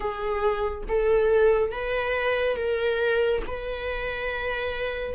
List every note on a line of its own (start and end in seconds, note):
0.00 0.83 G#4
0.88 1.71 A4
1.71 2.56 B4
2.56 3.42 A#4
3.46 5.14 B4